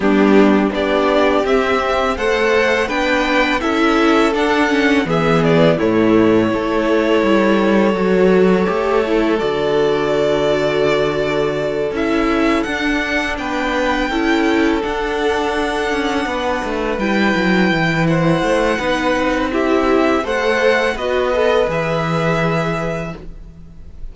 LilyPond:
<<
  \new Staff \with { instrumentName = "violin" } { \time 4/4 \tempo 4 = 83 g'4 d''4 e''4 fis''4 | g''4 e''4 fis''4 e''8 d''8 | cis''1~ | cis''4 d''2.~ |
d''8 e''4 fis''4 g''4.~ | g''8 fis''2. g''8~ | g''4 fis''2 e''4 | fis''4 dis''4 e''2 | }
  \new Staff \with { instrumentName = "violin" } { \time 4/4 d'4 g'2 c''4 | b'4 a'2 gis'4 | e'4 a'2.~ | a'1~ |
a'2~ a'8 b'4 a'8~ | a'2~ a'8 b'4.~ | b'4 c''4 b'4 g'4 | c''4 b'2. | }
  \new Staff \with { instrumentName = "viola" } { \time 4/4 b4 d'4 c'4 a'4 | d'4 e'4 d'8 cis'8 b4 | a4 e'2 fis'4 | g'8 e'8 fis'2.~ |
fis'8 e'4 d'2 e'8~ | e'8 d'2. e'8~ | e'2 dis'4 e'4 | a'4 fis'8 a'8 gis'2 | }
  \new Staff \with { instrumentName = "cello" } { \time 4/4 g4 b4 c'4 a4 | b4 cis'4 d'4 e4 | a,4 a4 g4 fis4 | a4 d2.~ |
d8 cis'4 d'4 b4 cis'8~ | cis'8 d'4. cis'8 b8 a8 g8 | fis8 e4 a8 b8 c'4. | a4 b4 e2 | }
>>